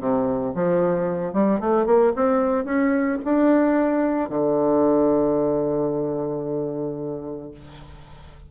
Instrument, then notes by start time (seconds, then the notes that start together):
bassoon
0.00 C3
0.55 F3
1.33 G3
1.60 A3
1.86 A#3
2.16 C4
2.65 C#4
3.25 D4
4.30 D3